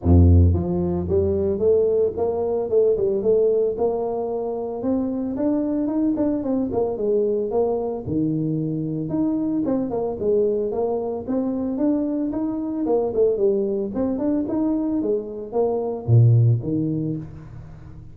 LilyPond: \new Staff \with { instrumentName = "tuba" } { \time 4/4 \tempo 4 = 112 f,4 f4 g4 a4 | ais4 a8 g8 a4 ais4~ | ais4 c'4 d'4 dis'8 d'8 | c'8 ais8 gis4 ais4 dis4~ |
dis4 dis'4 c'8 ais8 gis4 | ais4 c'4 d'4 dis'4 | ais8 a8 g4 c'8 d'8 dis'4 | gis4 ais4 ais,4 dis4 | }